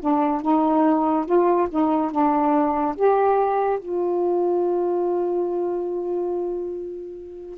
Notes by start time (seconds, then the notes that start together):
0.00 D4
0.41 D#4
1.26 F4
1.70 D#4
2.11 D4
2.96 G4
3.80 F4